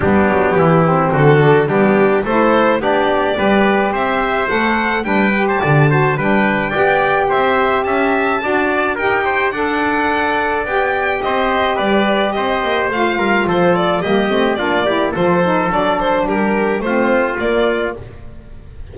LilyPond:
<<
  \new Staff \with { instrumentName = "violin" } { \time 4/4 \tempo 4 = 107 g'2 a'4 g'4 | c''4 d''2 e''4 | fis''4 g''8. a''4~ a''16 g''4~ | g''4 e''4 a''2 |
g''4 fis''2 g''4 | dis''4 d''4 dis''4 f''4 | c''8 d''8 dis''4 d''4 c''4 | d''8 c''8 ais'4 c''4 d''4 | }
  \new Staff \with { instrumentName = "trumpet" } { \time 4/4 d'4 e'4 fis'4 d'4 | a'4 g'4 b'4 c''4~ | c''4 b'8. c''16 d''8 c''8 b'4 | d''4 c''4 e''4 d''4 |
ais'8 c''8 d''2. | c''4 b'4 c''4. ais'8 | a'4 g'4 f'8 g'8 a'4~ | a'4 g'4 f'2 | }
  \new Staff \with { instrumentName = "saxophone" } { \time 4/4 b4. c'4 d'8 b4 | e'4 d'4 g'2 | a'4 d'8 g'4 fis'8 d'4 | g'2. fis'4 |
g'4 a'2 g'4~ | g'2. f'4~ | f'4 ais8 c'8 d'8 e'8 f'8 dis'8 | d'2 c'4 ais4 | }
  \new Staff \with { instrumentName = "double bass" } { \time 4/4 g8 fis8 e4 d4 g4 | a4 b4 g4 c'4 | a4 g4 d4 g4 | b4 c'4 cis'4 d'4 |
dis'4 d'2 b4 | c'4 g4 c'8 ais8 a8 g8 | f4 g8 a8 ais4 f4 | fis4 g4 a4 ais4 | }
>>